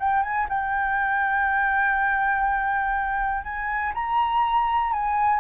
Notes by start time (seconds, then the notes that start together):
0.00 G5
0.23 G#5
0.50 G5
3.44 G#5
3.95 A#5
4.93 G#5